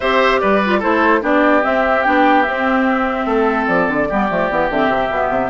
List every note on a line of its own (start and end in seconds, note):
0.00 0.41 C4
0.00 0.62 G4
0.00 0.40 C5
0.00 0.39 E5
0.39 0.83 G3
0.39 0.79 B4
0.39 0.80 D5
0.64 0.81 F4
0.79 1.22 A3
0.79 1.21 E4
0.79 1.20 A4
0.79 1.23 C5
1.21 1.62 B3
1.21 1.62 D4
1.21 3.26 G4
1.21 1.64 D5
1.62 2.03 C4
1.62 2.06 C4
1.62 2.02 E5
2.02 2.47 B3
2.02 2.45 D4
2.02 2.42 G5
2.42 4.10 C4
2.42 3.25 C4
2.42 3.65 E5
3.25 3.66 A3
3.25 4.08 A4
3.66 3.87 F3
3.66 4.68 D5
3.87 4.08 D3
4.08 4.30 G3
4.08 4.29 B3
4.08 5.50 G4
4.29 4.50 F3
4.29 4.49 A3
4.50 4.69 E3
4.50 4.71 B3
4.69 4.87 D3
4.69 5.10 C4
4.69 5.50 E5
4.87 5.08 C3
5.10 5.29 B2
5.10 5.50 B3
5.29 5.50 C3